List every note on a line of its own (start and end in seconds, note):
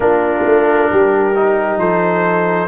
0.00 0.44 A#3
0.00 1.35 D4
0.00 0.90 F4
0.00 1.79 A#4
0.45 0.90 A3
0.90 1.77 G3
0.90 1.79 G4
1.35 2.68 D#4
1.77 2.67 F3
1.77 2.68 A4
1.77 2.68 C5